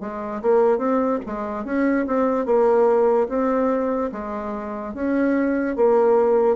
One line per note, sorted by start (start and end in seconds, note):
0.00 0.41 G#3
0.42 0.78 A#3
0.78 1.19 C4
1.26 1.64 G#3
1.64 2.05 C#4
2.06 2.45 C4
2.45 3.27 A#3
3.28 4.11 C4
4.12 4.94 G#3
4.94 5.75 C#4
5.75 6.56 A#3